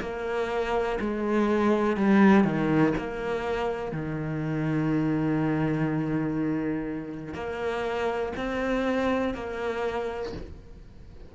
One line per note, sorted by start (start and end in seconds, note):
0.00 0.98 A#3
1.00 1.97 G#3
1.97 2.44 G3
2.44 2.93 D#3
2.97 3.92 A#3
3.92 7.34 D#3
7.34 8.32 A#3
8.36 9.34 C4
9.34 10.33 A#3